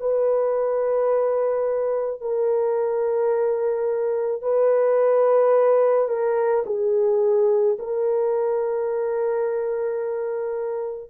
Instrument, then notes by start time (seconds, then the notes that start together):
horn
0.00 B4
2.21 A#4
4.42 B4
6.09 A#4
6.66 G#4
7.79 A#4